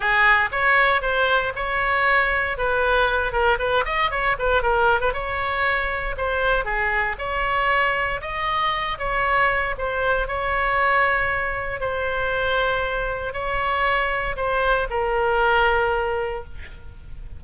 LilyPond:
\new Staff \with { instrumentName = "oboe" } { \time 4/4 \tempo 4 = 117 gis'4 cis''4 c''4 cis''4~ | cis''4 b'4. ais'8 b'8 dis''8 | cis''8 b'8 ais'8. b'16 cis''2 | c''4 gis'4 cis''2 |
dis''4. cis''4. c''4 | cis''2. c''4~ | c''2 cis''2 | c''4 ais'2. | }